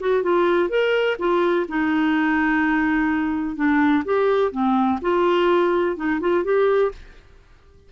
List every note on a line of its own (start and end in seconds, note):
0.00 0.23 F#4
0.23 0.69 F4
0.69 1.17 A#4
1.19 1.67 F4
1.69 3.56 D#4
3.56 4.04 D4
4.05 4.52 G4
4.52 4.99 C4
5.02 5.97 F4
5.97 6.20 D#4
6.21 6.44 F4
6.44 6.92 G4